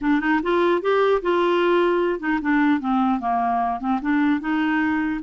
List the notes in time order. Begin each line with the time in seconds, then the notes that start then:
0.01 D4
0.20 D#4
0.42 F4
0.81 G4
1.21 F4
2.19 D#4
2.41 D4
2.80 C4
3.19 A#3
3.80 C4
4.01 D4
4.40 D#4